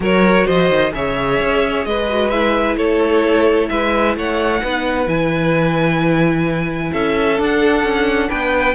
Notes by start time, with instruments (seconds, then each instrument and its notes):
0.00 cello F#3, viola F#4, violin A#4 C#5
0.45 cello F3, violin C5 D#5
0.69 cello D#3
0.92 cello C#3, viola G#4, violin C#5 E5
1.40 cello C#4
1.84 cello G#3, violin B4 D#5
2.08 viola F#4
2.29 viola E4, violin E5
2.76 cello A3, violin A4 C#5
3.68 cello G#3, violin B4 E5
4.15 cello A3, violin C#5 F#5
4.61 cello B3, viola D#4, violin B4
5.06 cello E3, viola E4, violin G#5
6.91 cello C#4, violin A4 E5
7.36 viola D4, cello D4
7.42 violin F#5
7.83 cello C#4
8.28 cello B3, violin B4 G5